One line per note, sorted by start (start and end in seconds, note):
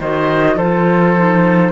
0.00 0.55 D#3
0.00 0.59 F#4
0.00 0.56 C5
0.00 0.58 D#5
0.55 1.71 F3
0.55 1.16 F4
0.55 1.71 A4
0.55 1.71 C5
1.16 1.71 D#4